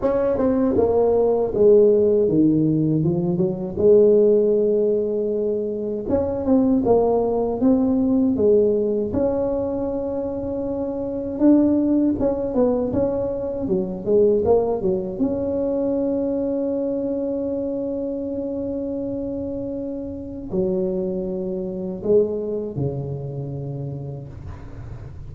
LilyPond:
\new Staff \with { instrumentName = "tuba" } { \time 4/4 \tempo 4 = 79 cis'8 c'8 ais4 gis4 dis4 | f8 fis8 gis2. | cis'8 c'8 ais4 c'4 gis4 | cis'2. d'4 |
cis'8 b8 cis'4 fis8 gis8 ais8 fis8 | cis'1~ | cis'2. fis4~ | fis4 gis4 cis2 | }